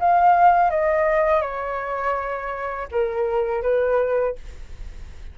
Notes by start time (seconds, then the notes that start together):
0.00 F5
0.70 D#5
1.42 C#5
2.91 A#4
3.62 B4